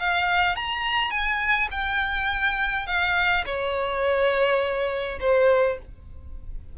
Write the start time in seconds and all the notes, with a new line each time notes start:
0.00 F5
0.56 A#5
1.11 G#5
1.72 G5
2.87 F5
3.46 C#5
5.21 C5